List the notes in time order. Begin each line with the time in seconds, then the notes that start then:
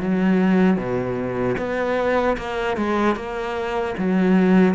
0.00 F#3
0.77 B2
1.58 B3
2.38 A#3
2.77 G#3
3.15 A#3
3.98 F#3